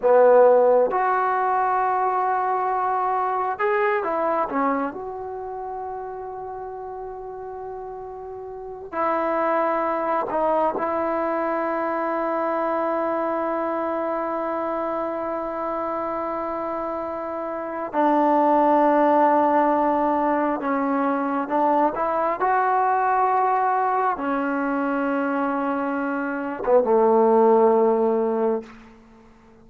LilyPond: \new Staff \with { instrumentName = "trombone" } { \time 4/4 \tempo 4 = 67 b4 fis'2. | gis'8 e'8 cis'8 fis'2~ fis'8~ | fis'2 e'4. dis'8 | e'1~ |
e'1 | d'2. cis'4 | d'8 e'8 fis'2 cis'4~ | cis'4.~ cis'16 b16 a2 | }